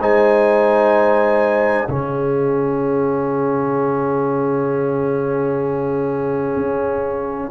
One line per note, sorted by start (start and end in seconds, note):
0.00 1.88 G#3
0.00 1.88 D#4
0.00 1.89 C5
0.00 1.89 G#5
1.88 6.56 C#3
1.88 7.51 C#4
1.88 7.51 G#4
1.88 7.51 F5
6.56 7.50 C#4